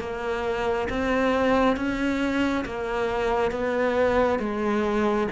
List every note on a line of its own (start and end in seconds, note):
0.00 0.88 A#3
0.89 1.76 C4
1.76 2.64 C#4
2.65 3.51 A#3
3.51 4.39 B3
4.39 5.27 G#3